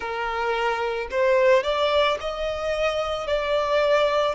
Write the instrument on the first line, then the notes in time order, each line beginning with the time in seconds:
violin
0.00 A#4
1.11 C5
1.63 D5
2.20 D#5
3.27 D5